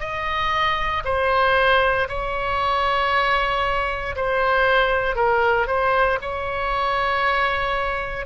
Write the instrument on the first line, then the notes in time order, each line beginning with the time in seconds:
oboe
0.00 D#5
1.05 C5
2.09 C#5
4.16 C5
5.16 A#4
5.67 C5
6.22 C#5